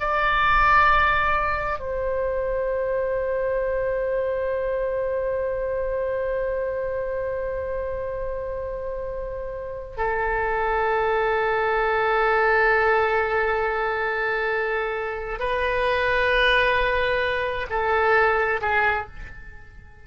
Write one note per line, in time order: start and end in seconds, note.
0.00 1.80 D5
1.80 9.97 C5
9.97 15.40 A4
15.40 17.67 B4
17.70 18.61 A4
18.61 19.07 G#4